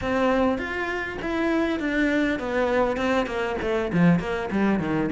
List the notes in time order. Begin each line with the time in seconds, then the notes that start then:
0.01 C4
0.58 F4
1.21 E4
1.79 D4
2.39 B3
2.96 C4
3.26 A#3
3.61 A3
3.92 F3
4.19 A#3
4.51 G3
4.79 D#3